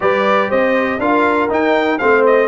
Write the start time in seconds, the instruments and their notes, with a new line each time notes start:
0.00 tuba G3, trombone G4, horn B4, trumpet D5
0.49 tuba C4, horn C5, trumpet D#5
0.98 tuba D4, trombone F4, horn A#4, trumpet F5
1.49 trombone D#4, tuba D#4, trumpet G5
1.98 tuba A3, trombone C4, horn C5, trumpet F5
2.26 trumpet D#5